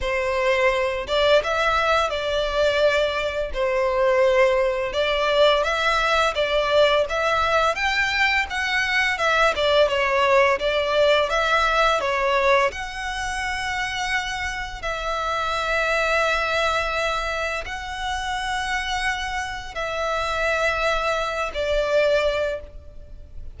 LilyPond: \new Staff \with { instrumentName = "violin" } { \time 4/4 \tempo 4 = 85 c''4. d''8 e''4 d''4~ | d''4 c''2 d''4 | e''4 d''4 e''4 g''4 | fis''4 e''8 d''8 cis''4 d''4 |
e''4 cis''4 fis''2~ | fis''4 e''2.~ | e''4 fis''2. | e''2~ e''8 d''4. | }